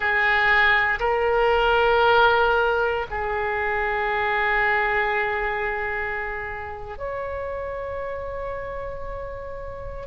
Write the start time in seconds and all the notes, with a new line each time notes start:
0.00 G#4
0.99 A#4
3.10 G#4
6.98 C#5